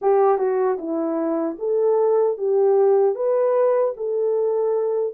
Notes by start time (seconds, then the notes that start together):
0.01 G4
0.38 F#4
0.78 E4
1.58 A4
2.37 G4
3.15 B4
3.97 A4